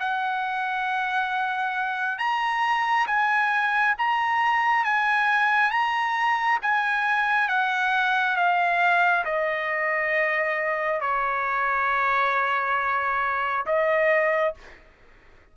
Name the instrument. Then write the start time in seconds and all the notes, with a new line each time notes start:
trumpet
0.00 F#5
2.19 A#5
3.07 G#5
3.98 A#5
4.84 G#5
5.71 A#5
6.63 G#5
7.49 F#5
8.37 F5
9.25 D#5
11.01 C#5
13.66 D#5